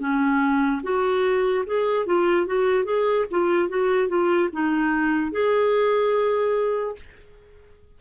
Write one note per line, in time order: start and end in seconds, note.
0.00 0.82 C#4
0.83 1.66 F#4
1.67 2.06 G#4
2.06 2.47 F4
2.47 2.85 F#4
2.85 3.26 G#4
3.31 3.69 F4
3.69 4.09 F#4
4.09 4.50 F4
4.53 5.32 D#4
5.32 6.96 G#4